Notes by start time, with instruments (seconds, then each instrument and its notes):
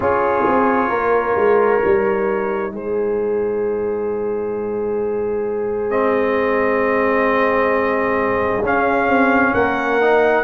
0.00 tuba C#4, trombone F4, horn G#4, trumpet C#5
0.46 tuba C4
0.89 tuba A#3, horn A#4
1.35 tuba G#3
1.81 tuba G3, trombone D#4
2.71 tuba G#3, horn G#4, trumpet C5
5.89 trombone C4, trumpet D#5
8.62 tuba C#4, trombone C#4, trumpet F5
9.08 tuba C4
9.54 tuba A#3, horn A#4, trumpet F#5
10.01 trombone D#4